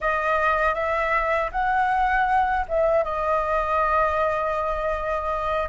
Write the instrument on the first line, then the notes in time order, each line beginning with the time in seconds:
flute
0.00 D#5
0.74 E5
1.51 F#5
2.68 E5
3.03 D#5